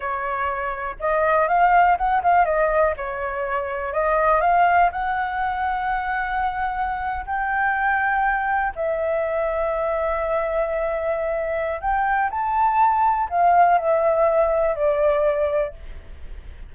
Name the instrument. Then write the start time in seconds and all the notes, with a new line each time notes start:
flute
0.00 C#5
0.99 D#5
1.48 F5
1.97 F#5
2.23 F5
2.45 D#5
2.96 C#5
3.93 D#5
4.41 F5
4.92 F#5
7.25 G5
8.75 E5
11.81 G5
12.30 A5
13.29 F5
13.78 E5
14.75 D5